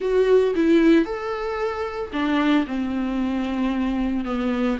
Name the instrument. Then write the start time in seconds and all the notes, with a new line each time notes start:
viola
0.00 F#4
0.55 E4
1.05 A4
2.12 D4
2.66 C4
4.24 B3